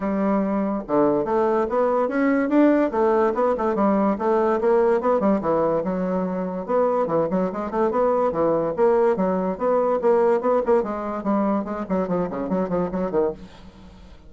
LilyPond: \new Staff \with { instrumentName = "bassoon" } { \time 4/4 \tempo 4 = 144 g2 d4 a4 | b4 cis'4 d'4 a4 | b8 a8 g4 a4 ais4 | b8 g8 e4 fis2 |
b4 e8 fis8 gis8 a8 b4 | e4 ais4 fis4 b4 | ais4 b8 ais8 gis4 g4 | gis8 fis8 f8 cis8 fis8 f8 fis8 dis8 | }